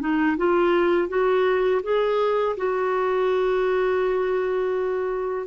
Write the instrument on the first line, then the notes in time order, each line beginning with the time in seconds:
clarinet
0.00 D#4
0.37 F4
1.08 F#4
1.83 G#4
2.57 F#4